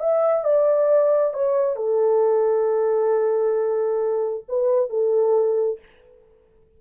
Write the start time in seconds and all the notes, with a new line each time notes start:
0.00 E5
0.44 D5
1.34 C#5
1.76 A4
4.49 B4
4.90 A4